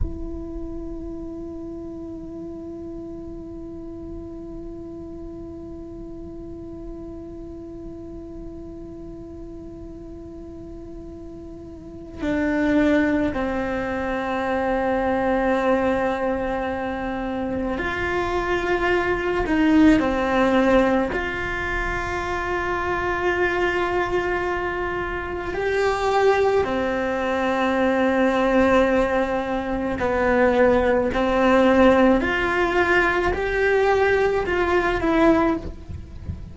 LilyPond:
\new Staff \with { instrumentName = "cello" } { \time 4/4 \tempo 4 = 54 e'1~ | e'1~ | e'2. d'4 | c'1 |
f'4. dis'8 c'4 f'4~ | f'2. g'4 | c'2. b4 | c'4 f'4 g'4 f'8 e'8 | }